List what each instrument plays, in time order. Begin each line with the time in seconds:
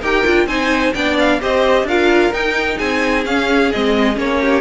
0.00 cello D#4, viola G4, violin A#4 G5
0.25 cello D4, viola F4
0.46 cello C4, viola D#4, violin C5 G#5
0.93 cello B3, viola D4, violin D5 G5
1.18 violin F5
1.40 cello C4, viola G4, violin C5 D#5
1.83 cello D4, viola F4, violin A#4 F5
2.32 viola D#4, cello D#4, violin G5
2.77 cello C4, violin G#4 G#5
3.25 viola C#4, cello C#4, violin F5
3.71 cello G#3, viola C4, violin D#5
4.14 cello A#3, viola C#4, violin C#5
4.41 violin G4